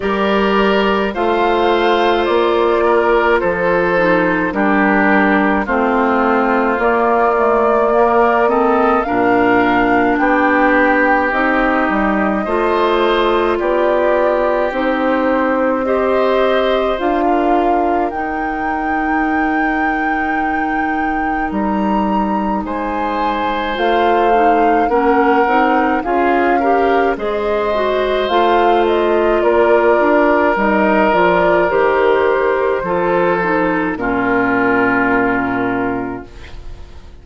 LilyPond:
<<
  \new Staff \with { instrumentName = "flute" } { \time 4/4 \tempo 4 = 53 d''4 f''4 d''4 c''4 | ais'4 c''4 d''4. dis''8 | f''4 g''4 dis''2 | d''4 c''4 dis''4 f''4 |
g''2. ais''4 | gis''4 f''4 fis''4 f''4 | dis''4 f''8 dis''8 d''4 dis''8 d''8 | c''2 ais'2 | }
  \new Staff \with { instrumentName = "oboe" } { \time 4/4 ais'4 c''4. ais'8 a'4 | g'4 f'2 ais'8 a'8 | ais'4 g'2 c''4 | g'2 c''4~ c''16 ais'8.~ |
ais'1 | c''2 ais'4 gis'8 ais'8 | c''2 ais'2~ | ais'4 a'4 f'2 | }
  \new Staff \with { instrumentName = "clarinet" } { \time 4/4 g'4 f'2~ f'8 dis'8 | d'4 c'4 ais8 a8 ais8 c'8 | d'2 dis'4 f'4~ | f'4 dis'4 g'4 f'4 |
dis'1~ | dis'4 f'8 dis'8 cis'8 dis'8 f'8 g'8 | gis'8 fis'8 f'2 dis'8 f'8 | g'4 f'8 dis'8 cis'2 | }
  \new Staff \with { instrumentName = "bassoon" } { \time 4/4 g4 a4 ais4 f4 | g4 a4 ais2 | ais,4 b4 c'8 g8 a4 | b4 c'2 d'4 |
dis'2. g4 | gis4 a4 ais8 c'8 cis'4 | gis4 a4 ais8 d'8 g8 f8 | dis4 f4 ais,2 | }
>>